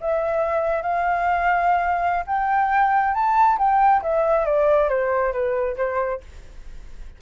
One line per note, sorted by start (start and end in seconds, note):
0.00 0.82 E5
0.82 2.24 F5
2.26 3.14 G5
3.14 3.58 A5
3.58 4.02 G5
4.02 4.45 E5
4.45 4.89 D5
4.89 5.32 C5
5.32 5.76 B4
5.76 6.20 C5